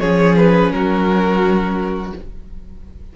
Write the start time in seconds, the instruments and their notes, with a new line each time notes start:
0.00 cello F3, viola C#4, violin G#4 C#5
0.37 violin B4
0.72 cello F#3, violin F#4 A#4